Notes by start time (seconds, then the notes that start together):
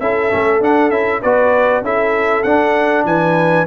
0.00 C#4 E4 A4 E5
0.30 A3 C#4
0.61 D4 F#5
0.90 C#4 E4 E5
1.22 B3 F#4 B4 D5
1.82 C#4 E4 A4 E5
2.43 D4 F#5
3.05 E3 B4 G#5